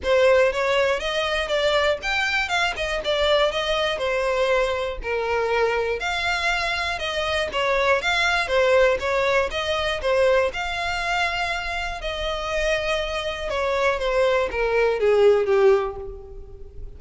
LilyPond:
\new Staff \with { instrumentName = "violin" } { \time 4/4 \tempo 4 = 120 c''4 cis''4 dis''4 d''4 | g''4 f''8 dis''8 d''4 dis''4 | c''2 ais'2 | f''2 dis''4 cis''4 |
f''4 c''4 cis''4 dis''4 | c''4 f''2. | dis''2. cis''4 | c''4 ais'4 gis'4 g'4 | }